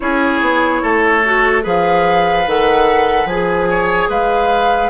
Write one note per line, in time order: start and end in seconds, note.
0.00 0.41 C#4
0.00 1.23 E4
0.00 0.82 G#4
0.00 1.63 C#5
0.41 0.82 B3
0.82 1.65 A3
0.82 1.63 A4
1.24 1.61 F#4
1.61 2.46 F3
1.61 2.43 G#4
1.61 3.68 B4
1.61 2.48 F5
2.46 3.25 D#3
2.46 3.29 A4
2.46 3.27 F#5
3.25 4.07 F3
3.25 4.90 G#4
3.25 4.09 G#5
3.69 4.09 C#5
4.09 4.90 G#3
4.09 4.90 B4
4.09 4.90 F5